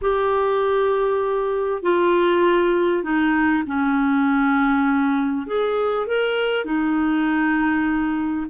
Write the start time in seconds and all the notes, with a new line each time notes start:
0.01 G4
1.82 F4
3.03 D#4
3.66 C#4
5.46 G#4
6.07 A#4
6.64 D#4